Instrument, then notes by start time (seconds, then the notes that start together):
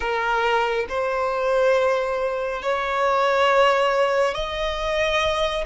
violin
0.00 A#4
0.89 C5
2.62 C#5
4.34 D#5